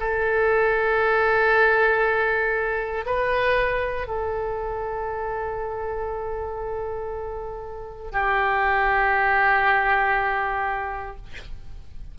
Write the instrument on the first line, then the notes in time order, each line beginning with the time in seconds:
oboe
0.00 A4
3.06 B4
4.07 A4
8.12 G4